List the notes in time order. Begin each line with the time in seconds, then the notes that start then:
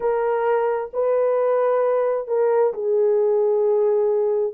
0.00 A#4
0.93 B4
2.27 A#4
2.73 G#4